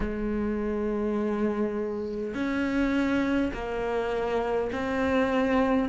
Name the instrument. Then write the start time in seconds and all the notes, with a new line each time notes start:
cello
0.00 G#3
2.34 C#4
3.53 A#3
4.72 C4